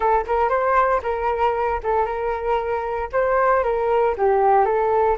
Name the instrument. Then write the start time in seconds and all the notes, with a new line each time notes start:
flute
0.00 A4
0.26 A#4
0.49 C5
1.03 A#4
1.83 A4
2.05 A#4
3.12 C5
3.63 A#4
4.17 G4
4.65 A4